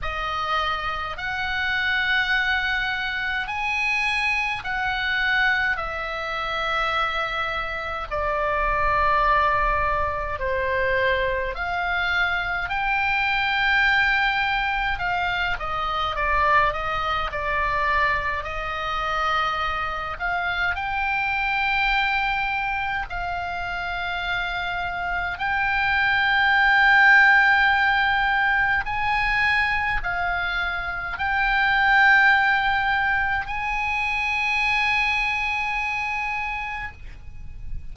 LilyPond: \new Staff \with { instrumentName = "oboe" } { \time 4/4 \tempo 4 = 52 dis''4 fis''2 gis''4 | fis''4 e''2 d''4~ | d''4 c''4 f''4 g''4~ | g''4 f''8 dis''8 d''8 dis''8 d''4 |
dis''4. f''8 g''2 | f''2 g''2~ | g''4 gis''4 f''4 g''4~ | g''4 gis''2. | }